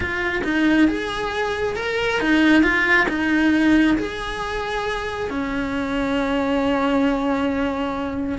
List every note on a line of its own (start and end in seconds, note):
0.00 0.42 F4
0.44 0.88 D#4
0.88 1.76 G#4
1.76 2.20 A#4
2.20 2.62 D#4
2.62 3.06 F4
3.08 3.96 D#4
3.97 5.29 G#4
5.30 8.38 C#4